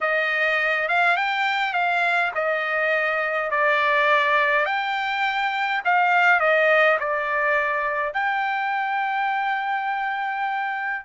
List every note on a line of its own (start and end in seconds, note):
0.01 0.88 D#5
0.88 1.17 F5
1.17 1.73 G5
1.73 2.31 F5
2.34 3.50 D#5
3.50 4.65 D5
4.65 5.82 G5
5.84 6.39 F5
6.39 6.98 D#5
6.99 8.13 D5
8.13 11.05 G5